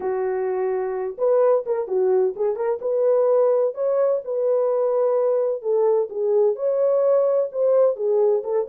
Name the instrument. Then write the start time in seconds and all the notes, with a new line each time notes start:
horn
0.00 F#4
1.18 B4
1.66 A#4
1.87 F#4
2.36 G#4
2.55 A#4
2.81 B4
3.74 C#5
4.24 B4
5.62 A4
6.09 G#4
6.55 C#5
7.52 C5
7.96 G#4
8.43 A4